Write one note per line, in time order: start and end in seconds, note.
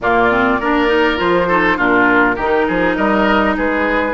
0.00 0.59 A#2
0.00 0.30 A#3
0.00 0.59 F4
0.00 1.19 D5
0.30 0.60 C4
0.59 1.19 A#3
0.59 0.87 D4
0.59 1.48 A#4
0.87 1.16 D#4
1.16 1.78 F3
1.16 1.46 F4
1.16 1.78 C5
1.48 1.76 D#4
1.48 1.77 A4
1.76 2.37 A#2
1.76 2.36 D4
1.76 2.35 F4
1.76 2.96 A#4
2.35 2.67 D#3
2.35 2.65 G4
2.42 4.13 D#4
2.67 2.97 F3
2.67 2.96 G#4
2.96 3.56 G3
2.96 3.55 A#4
2.96 3.55 D#5
3.56 4.13 G#3
3.56 4.13 G#4
3.56 4.13 B4